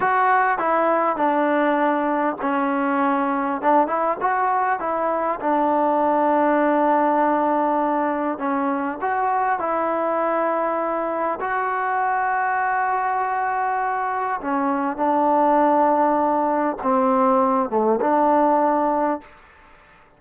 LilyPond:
\new Staff \with { instrumentName = "trombone" } { \time 4/4 \tempo 4 = 100 fis'4 e'4 d'2 | cis'2 d'8 e'8 fis'4 | e'4 d'2.~ | d'2 cis'4 fis'4 |
e'2. fis'4~ | fis'1 | cis'4 d'2. | c'4. a8 d'2 | }